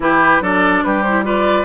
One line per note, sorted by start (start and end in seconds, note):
0.00 0.40 E3
0.00 0.41 E4
0.00 0.42 G4
0.00 0.42 B4
0.40 0.82 F#3
0.40 1.04 D4
0.40 0.84 A4
0.40 0.83 D5
0.83 1.64 G3
0.83 1.25 G4
0.83 1.02 B4
1.02 1.24 E4
1.02 1.23 C5
1.24 1.64 F4
1.24 1.64 B4
1.24 1.64 D5